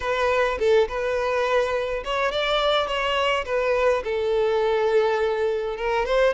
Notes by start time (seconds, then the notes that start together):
0.00 B4
0.59 A4
0.88 B4
2.04 C#5
2.31 D5
2.87 C#5
3.45 B4
4.04 A4
5.76 A#4
6.05 C5